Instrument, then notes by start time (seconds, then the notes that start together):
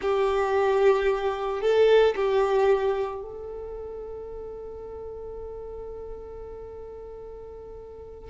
violin
0.01 G4
1.61 A4
2.15 G4
3.21 A4